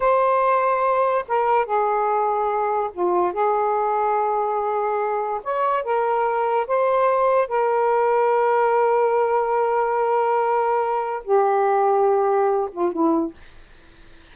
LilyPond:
\new Staff \with { instrumentName = "saxophone" } { \time 4/4 \tempo 4 = 144 c''2. ais'4 | gis'2. f'4 | gis'1~ | gis'4 cis''4 ais'2 |
c''2 ais'2~ | ais'1~ | ais'2. g'4~ | g'2~ g'8 f'8 e'4 | }